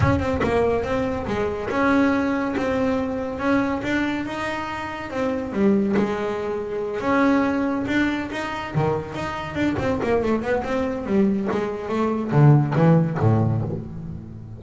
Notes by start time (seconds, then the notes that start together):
0.00 C#4
0.19 C4
0.43 A#3
0.83 C4
1.26 G#3
1.70 C#4
2.56 C4
3.38 C#4
3.83 D4
4.25 D#4
5.10 C4
5.52 G3
5.97 G#3
7.00 C#4
7.87 D4
8.32 D#4
8.74 D#3
9.14 D#4
9.54 D4
9.79 C4
10.03 A#3
10.22 A3
10.41 B3
10.63 C4
11.05 G3
11.51 G#3
11.88 A3
12.31 D3
12.75 E3
13.19 A2